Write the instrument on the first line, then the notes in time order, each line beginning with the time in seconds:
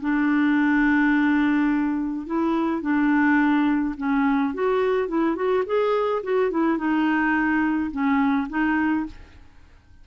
clarinet
0.00 D4
2.26 E4
2.81 D4
3.97 C#4
4.54 F#4
5.08 E4
5.35 F#4
5.66 G#4
6.23 F#4
6.50 E4
6.77 D#4
7.91 C#4
8.49 D#4